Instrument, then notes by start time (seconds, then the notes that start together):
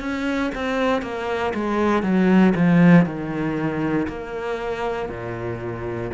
cello
0.00 C#4
0.55 C4
1.03 A#3
1.54 G#3
2.03 F#3
2.56 F3
3.06 D#3
4.09 A#3
5.09 A#2